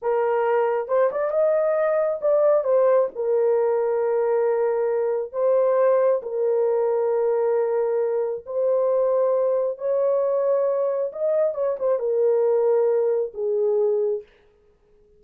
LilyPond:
\new Staff \with { instrumentName = "horn" } { \time 4/4 \tempo 4 = 135 ais'2 c''8 d''8 dis''4~ | dis''4 d''4 c''4 ais'4~ | ais'1 | c''2 ais'2~ |
ais'2. c''4~ | c''2 cis''2~ | cis''4 dis''4 cis''8 c''8 ais'4~ | ais'2 gis'2 | }